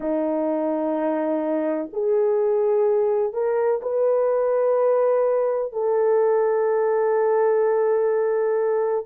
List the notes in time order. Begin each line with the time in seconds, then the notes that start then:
0.00 D#4
1.93 G#4
3.33 A#4
3.81 B4
5.72 A4